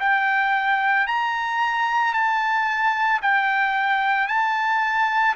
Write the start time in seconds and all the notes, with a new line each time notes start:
0.00 G5
1.07 A#5
2.13 A5
3.22 G5
4.28 A5